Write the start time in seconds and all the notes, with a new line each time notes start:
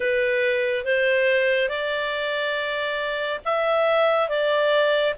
0.00 B4
0.84 C5
1.69 D5
3.44 E5
4.29 D5